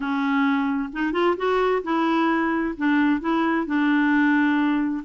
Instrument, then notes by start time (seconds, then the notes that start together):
clarinet
0.00 C#4
0.92 D#4
1.12 F4
1.36 F#4
1.83 E4
2.77 D4
3.20 E4
3.66 D4